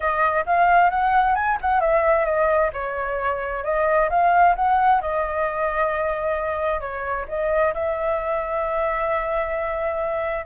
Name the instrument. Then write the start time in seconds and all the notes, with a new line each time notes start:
flute
0.00 D#5
0.46 F5
0.90 F#5
1.35 G#5
1.61 F#5
1.80 E5
2.25 D#5
2.73 C#5
3.63 D#5
4.09 F5
4.55 F#5
5.01 D#5
6.80 C#5
7.28 D#5
7.74 E5